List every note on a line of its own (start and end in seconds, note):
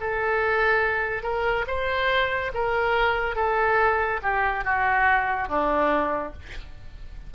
0.00 1.23 A4
1.23 1.65 A#4
1.67 2.51 C5
2.54 3.35 A#4
3.35 4.20 A4
4.22 4.64 G4
4.64 5.48 F#4
5.48 6.33 D4